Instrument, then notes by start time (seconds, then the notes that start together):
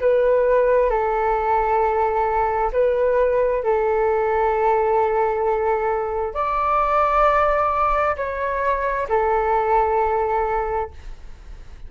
flute
0.00 B4
0.90 A4
2.72 B4
3.63 A4
6.34 D5
8.17 C#5
9.09 A4